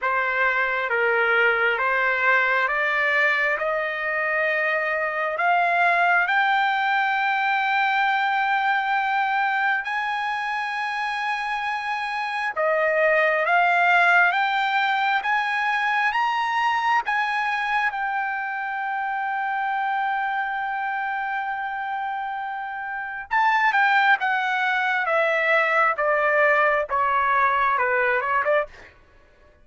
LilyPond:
\new Staff \with { instrumentName = "trumpet" } { \time 4/4 \tempo 4 = 67 c''4 ais'4 c''4 d''4 | dis''2 f''4 g''4~ | g''2. gis''4~ | gis''2 dis''4 f''4 |
g''4 gis''4 ais''4 gis''4 | g''1~ | g''2 a''8 g''8 fis''4 | e''4 d''4 cis''4 b'8 cis''16 d''16 | }